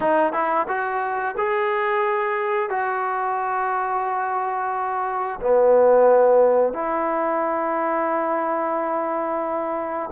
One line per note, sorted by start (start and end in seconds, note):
0.00 0.32 D#4
0.32 0.66 E4
0.67 1.35 F#4
1.37 2.69 G#4
2.69 5.39 F#4
5.41 6.73 B3
6.73 10.10 E4